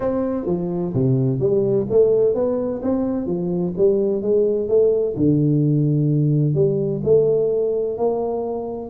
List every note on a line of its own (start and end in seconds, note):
0.00 0.46 C4
0.46 0.92 F3
0.94 1.39 C3
1.39 1.86 G3
1.89 2.34 A3
2.34 2.81 B3
2.82 3.26 C4
3.26 3.73 F3
3.77 4.22 G3
4.22 4.68 G#3
4.68 5.15 A3
5.16 6.54 D3
6.54 7.01 G3
7.04 7.97 A3
7.97 8.90 A#3